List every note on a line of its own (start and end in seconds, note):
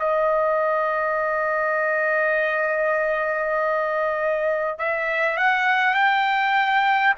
0.00 4.79 D#5
4.79 5.38 E5
5.38 5.95 F#5
5.95 7.15 G5